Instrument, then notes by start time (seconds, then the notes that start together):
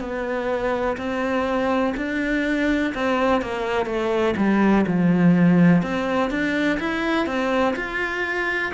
cello
0.00 B3
0.98 C4
1.97 D4
2.95 C4
3.42 A#3
3.86 A3
4.37 G3
4.87 F3
5.83 C4
6.30 D4
6.80 E4
7.26 C4
7.76 F4